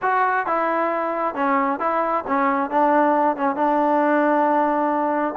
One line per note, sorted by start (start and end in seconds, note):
0.01 0.46 F#4
0.46 1.34 E4
1.34 1.79 C#4
1.79 2.24 E4
2.27 2.70 C#4
2.70 3.36 D4
3.36 3.55 C#4
3.55 5.34 D4